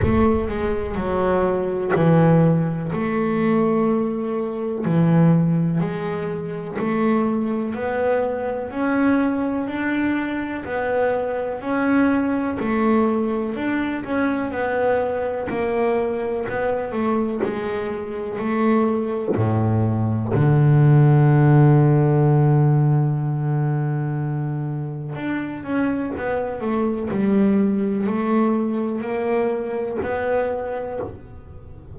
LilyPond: \new Staff \with { instrumentName = "double bass" } { \time 4/4 \tempo 4 = 62 a8 gis8 fis4 e4 a4~ | a4 e4 gis4 a4 | b4 cis'4 d'4 b4 | cis'4 a4 d'8 cis'8 b4 |
ais4 b8 a8 gis4 a4 | a,4 d2.~ | d2 d'8 cis'8 b8 a8 | g4 a4 ais4 b4 | }